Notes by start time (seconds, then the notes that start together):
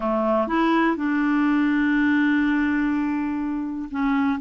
0.00 A3
0.47 E4
0.96 D4
3.90 C#4